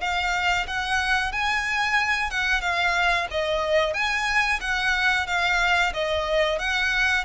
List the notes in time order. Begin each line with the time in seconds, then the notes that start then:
0.00 F5
0.67 F#5
1.32 G#5
2.30 F#5
2.61 F5
3.30 D#5
3.93 G#5
4.60 F#5
5.26 F5
5.93 D#5
6.58 F#5